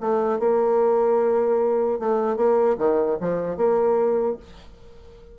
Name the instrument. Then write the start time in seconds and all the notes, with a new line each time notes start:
bassoon
0.00 A3
0.39 A#3
1.99 A3
2.36 A#3
2.78 D#3
3.20 F3
3.57 A#3